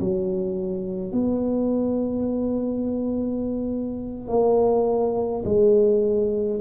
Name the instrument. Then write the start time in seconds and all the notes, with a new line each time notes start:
tuba
0.00 F#3
1.12 B3
4.28 A#3
5.45 G#3